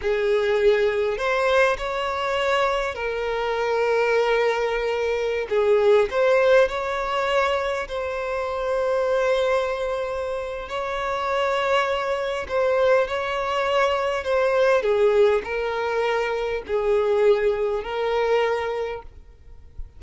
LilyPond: \new Staff \with { instrumentName = "violin" } { \time 4/4 \tempo 4 = 101 gis'2 c''4 cis''4~ | cis''4 ais'2.~ | ais'4~ ais'16 gis'4 c''4 cis''8.~ | cis''4~ cis''16 c''2~ c''8.~ |
c''2 cis''2~ | cis''4 c''4 cis''2 | c''4 gis'4 ais'2 | gis'2 ais'2 | }